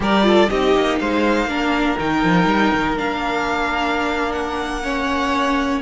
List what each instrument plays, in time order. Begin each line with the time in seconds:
0.00 cello G3, viola G4, violin A#4 D5
0.22 viola F4, violin A4
0.49 cello C4, viola D#4, violin G4 D#5
0.75 cello A#3
0.99 cello G#3, violin C5 F5
1.45 cello A#3, viola D4, violin A#4
1.98 cello D#3, viola D#4, violin G5
2.23 cello F3
2.45 cello G3
2.73 cello D#3
2.96 cello A#3, viola D4, violin F5
4.32 violin F#5
4.83 viola C#4, violin C#5